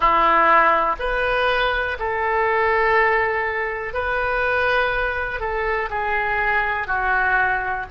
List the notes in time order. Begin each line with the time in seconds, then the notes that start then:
0.00 E4
0.99 B4
1.99 A4
3.93 B4
5.40 A4
5.90 G#4
6.87 F#4